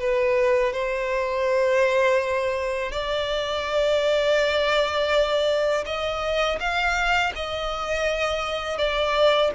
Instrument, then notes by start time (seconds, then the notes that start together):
violin
0.00 B4
0.74 C5
2.92 D5
5.86 D#5
6.60 F5
7.35 D#5
8.78 D5